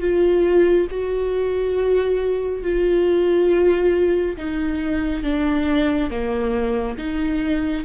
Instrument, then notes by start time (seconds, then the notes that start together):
viola
0.00 F4
0.90 F#4
2.62 F4
4.37 D#4
5.23 D4
6.10 A#3
6.98 D#4